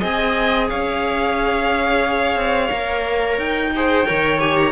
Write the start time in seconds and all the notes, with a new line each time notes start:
0.00 C4 G#4 D#5 G#5
0.69 C#4 C#5 F5
2.36 C4
2.70 A#3 A#4
3.38 D#4 G5
3.75 G#4 C5
4.06 D#3 A#4 C#5
4.39 G4 G#5
4.57 A#5